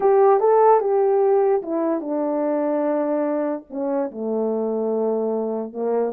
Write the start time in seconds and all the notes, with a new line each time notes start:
0.00 G4
0.40 A4
0.80 G4
1.62 E4
2.00 D4
3.69 C#4
4.11 A3
5.72 A#3